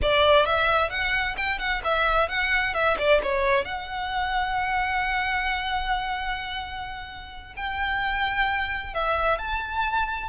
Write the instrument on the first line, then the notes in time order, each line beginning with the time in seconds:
violin
0.01 D5
0.45 E5
0.89 F#5
1.37 G5
1.58 F#5
1.83 E5
2.29 F#5
2.74 E5
2.98 D5
3.22 C#5
3.64 F#5
7.56 G5
8.94 E5
9.38 A5